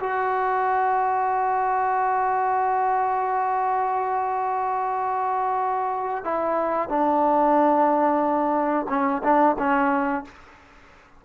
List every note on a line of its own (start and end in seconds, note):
0.00 6.24 F#4
6.24 6.89 E4
6.89 8.87 D4
8.90 9.22 C#4
9.24 9.57 D4
9.59 10.25 C#4